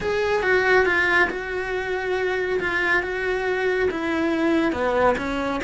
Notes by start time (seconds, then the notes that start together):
0.00 G#4
0.42 F#4
0.85 F4
1.30 F#4
2.60 F4
3.02 F#4
3.90 E4
4.72 B3
5.17 C#4